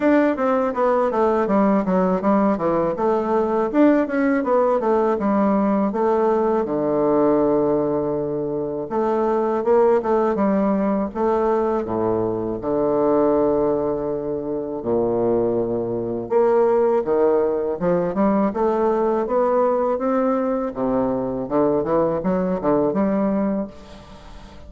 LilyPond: \new Staff \with { instrumentName = "bassoon" } { \time 4/4 \tempo 4 = 81 d'8 c'8 b8 a8 g8 fis8 g8 e8 | a4 d'8 cis'8 b8 a8 g4 | a4 d2. | a4 ais8 a8 g4 a4 |
a,4 d2. | ais,2 ais4 dis4 | f8 g8 a4 b4 c'4 | c4 d8 e8 fis8 d8 g4 | }